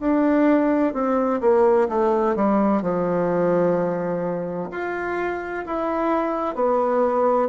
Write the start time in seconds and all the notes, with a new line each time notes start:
0.00 D4
0.93 C4
1.41 A#3
1.89 A3
2.35 G3
2.82 F3
4.71 F4
5.66 E4
6.55 B3